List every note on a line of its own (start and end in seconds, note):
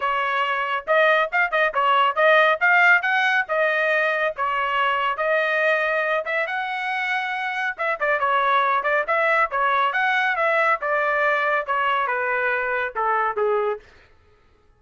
0.00 0.85 C#5
0.87 1.30 D#5
1.32 1.51 F5
1.51 1.72 D#5
1.74 2.15 C#5
2.15 2.58 D#5
2.60 3.02 F5
3.02 3.45 F#5
3.48 4.34 D#5
4.36 5.17 C#5
5.17 6.25 D#5
6.25 6.46 E5
6.46 7.76 F#5
7.77 7.99 E5
8.00 8.19 D5
8.19 8.83 C#5
8.83 9.04 D5
9.07 9.50 E5
9.50 9.92 C#5
9.92 10.36 F#5
10.36 10.79 E5
10.81 11.66 D5
11.66 12.07 C#5
12.07 12.93 B4
12.95 13.36 A4
13.36 13.79 G#4